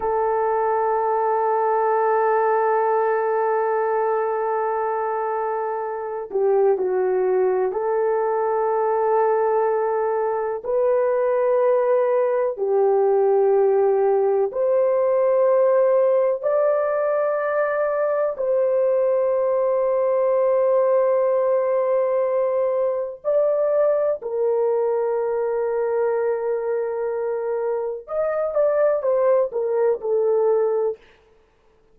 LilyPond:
\new Staff \with { instrumentName = "horn" } { \time 4/4 \tempo 4 = 62 a'1~ | a'2~ a'8 g'8 fis'4 | a'2. b'4~ | b'4 g'2 c''4~ |
c''4 d''2 c''4~ | c''1 | d''4 ais'2.~ | ais'4 dis''8 d''8 c''8 ais'8 a'4 | }